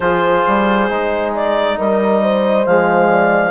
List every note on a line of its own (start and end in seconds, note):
0.00 0.43 F3
0.00 0.89 F4
0.00 1.76 G#4
0.00 1.32 C5
0.47 0.90 G3
0.89 1.78 G#3
0.89 2.65 D#4
1.34 1.78 D5
1.78 2.66 G3
1.78 2.22 A#4
1.78 2.66 D#5
2.22 3.10 C5
2.66 3.51 F3
2.66 3.51 G#3
2.66 3.51 F5
3.10 3.51 D5